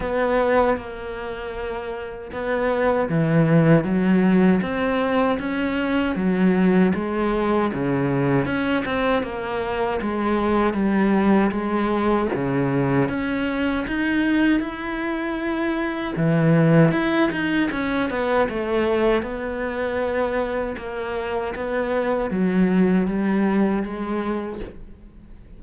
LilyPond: \new Staff \with { instrumentName = "cello" } { \time 4/4 \tempo 4 = 78 b4 ais2 b4 | e4 fis4 c'4 cis'4 | fis4 gis4 cis4 cis'8 c'8 | ais4 gis4 g4 gis4 |
cis4 cis'4 dis'4 e'4~ | e'4 e4 e'8 dis'8 cis'8 b8 | a4 b2 ais4 | b4 fis4 g4 gis4 | }